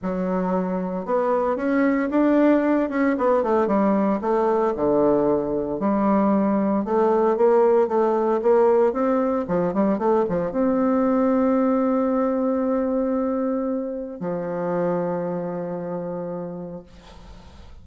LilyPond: \new Staff \with { instrumentName = "bassoon" } { \time 4/4 \tempo 4 = 114 fis2 b4 cis'4 | d'4. cis'8 b8 a8 g4 | a4 d2 g4~ | g4 a4 ais4 a4 |
ais4 c'4 f8 g8 a8 f8 | c'1~ | c'2. f4~ | f1 | }